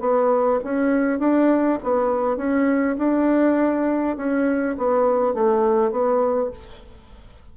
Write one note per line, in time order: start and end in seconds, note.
0.00 0.59 B3
0.64 1.19 C#4
1.19 1.78 D4
1.83 2.37 B3
2.37 2.96 C#4
2.98 4.16 D4
4.16 4.76 C#4
4.77 5.34 B3
5.34 5.91 A3
5.91 6.50 B3